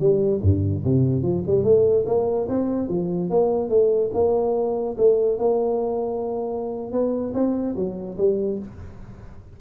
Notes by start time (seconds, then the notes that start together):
0.00 G3
0.43 G2
0.84 C3
1.23 F3
1.47 G3
1.64 A3
2.07 A#3
2.49 C4
2.89 F3
3.30 A#3
3.70 A3
4.14 A#3
4.98 A3
5.38 A#3
6.93 B3
7.34 C4
7.76 F#3
8.18 G3